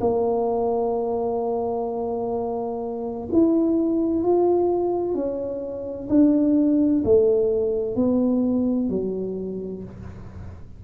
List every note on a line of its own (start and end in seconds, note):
0.00 3.28 A#3
3.32 4.23 E4
4.23 5.14 F4
5.14 6.08 C#4
6.09 7.03 D4
7.04 7.95 A3
7.95 8.89 B3
8.89 9.83 F#3